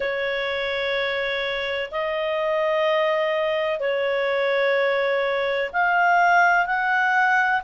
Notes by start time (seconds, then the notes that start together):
0.00 C#5
1.91 D#5
3.79 C#5
5.72 F5
6.66 F#5